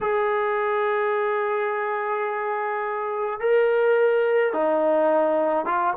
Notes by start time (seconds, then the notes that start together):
0.01 G#4
3.40 A#4
4.53 D#4
5.65 F4